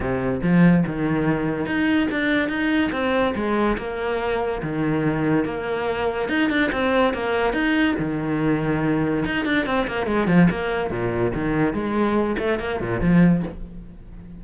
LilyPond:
\new Staff \with { instrumentName = "cello" } { \time 4/4 \tempo 4 = 143 c4 f4 dis2 | dis'4 d'4 dis'4 c'4 | gis4 ais2 dis4~ | dis4 ais2 dis'8 d'8 |
c'4 ais4 dis'4 dis4~ | dis2 dis'8 d'8 c'8 ais8 | gis8 f8 ais4 ais,4 dis4 | gis4. a8 ais8 ais,8 f4 | }